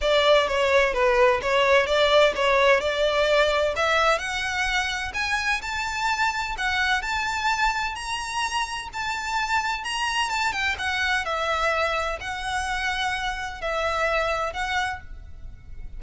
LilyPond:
\new Staff \with { instrumentName = "violin" } { \time 4/4 \tempo 4 = 128 d''4 cis''4 b'4 cis''4 | d''4 cis''4 d''2 | e''4 fis''2 gis''4 | a''2 fis''4 a''4~ |
a''4 ais''2 a''4~ | a''4 ais''4 a''8 g''8 fis''4 | e''2 fis''2~ | fis''4 e''2 fis''4 | }